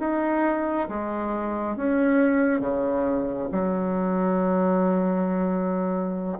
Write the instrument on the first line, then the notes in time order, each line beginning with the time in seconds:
bassoon
0.00 D#4
0.89 G#3
1.76 C#4
2.60 C#3
3.52 F#3